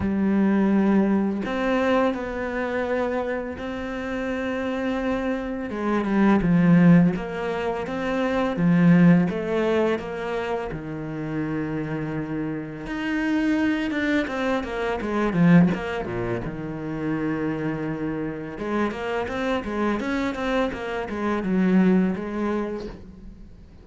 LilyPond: \new Staff \with { instrumentName = "cello" } { \time 4/4 \tempo 4 = 84 g2 c'4 b4~ | b4 c'2. | gis8 g8 f4 ais4 c'4 | f4 a4 ais4 dis4~ |
dis2 dis'4. d'8 | c'8 ais8 gis8 f8 ais8 ais,8 dis4~ | dis2 gis8 ais8 c'8 gis8 | cis'8 c'8 ais8 gis8 fis4 gis4 | }